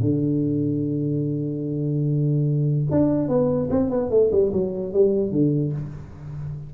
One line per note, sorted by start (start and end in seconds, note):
0.00 2.86 D3
2.91 3.28 D4
3.28 3.69 B3
3.70 3.90 C4
3.90 4.10 B3
4.10 4.31 A3
4.31 4.52 G3
4.52 4.93 F#3
4.93 5.32 G3
5.32 5.72 D3